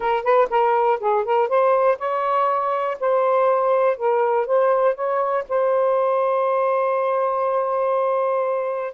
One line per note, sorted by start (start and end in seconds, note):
0.00 0.23 A#4
0.23 0.48 B4
0.50 0.99 A#4
1.00 1.24 G#4
1.25 1.48 A#4
1.48 1.97 C5
1.98 2.97 C#5
3.00 3.97 C5
3.97 4.46 A#4
4.46 4.94 C5
4.94 5.44 C#5
5.48 8.93 C5